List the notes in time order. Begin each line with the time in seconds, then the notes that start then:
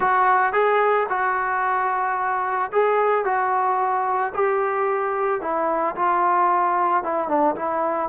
0.00 F#4
0.52 G#4
1.09 F#4
2.71 G#4
3.24 F#4
4.34 G4
5.41 E4
5.95 F4
7.03 E4
7.28 D4
7.55 E4